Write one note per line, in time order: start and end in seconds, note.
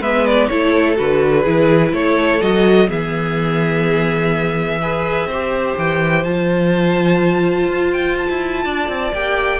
0.00 0.48 G#3
0.00 0.50 B3
0.00 0.48 B4
0.00 0.26 E5
0.26 0.47 D5
0.47 0.99 A3
0.47 0.96 E4
0.47 1.41 A4
0.47 0.95 C#5
0.96 1.46 D3
0.96 1.44 F#4
0.96 1.94 B4
1.41 1.93 E3
1.41 2.41 E4
1.41 1.89 G#4
1.93 2.41 A3
1.93 2.89 A4
1.93 2.41 C#5
2.41 2.90 F#3
2.41 2.87 F#4
2.41 2.89 D#5
2.87 5.26 E3
2.87 4.79 B3
2.87 4.81 G#4
2.87 5.78 E5
4.81 5.30 G#4
4.81 5.28 B4
5.26 5.74 C4
5.26 8.64 C5
5.33 6.25 G4
5.77 6.24 E3
5.77 6.24 G5
6.24 7.68 F3
6.24 9.13 F4
6.24 7.92 A5
7.68 8.28 F4
7.92 8.16 G5
8.18 9.13 A5
8.29 8.65 E4
8.64 8.88 D4
8.64 9.60 D5
8.88 9.12 C4
9.13 9.60 A#3
9.13 9.60 G4
9.13 9.60 G5